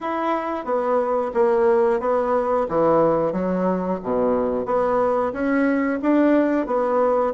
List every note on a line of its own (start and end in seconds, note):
0.01 0.65 E4
0.65 1.31 B3
1.34 2.00 A#3
2.00 2.66 B3
2.68 3.32 E3
3.32 3.99 F#3
4.02 4.65 B2
4.65 5.32 B3
5.32 5.99 C#4
6.02 6.66 D4
6.66 7.33 B3